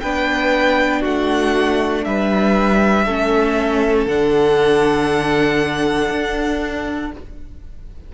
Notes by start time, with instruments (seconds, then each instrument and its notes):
0.00 cello B3, viola D4, violin B4 G5
1.01 cello A3, violin F#4 F#5
2.04 cello G3, violin B4 E5
3.06 cello A3, viola C#4, violin A4
4.06 cello D3, viola D4, violin F#5
6.10 cello D4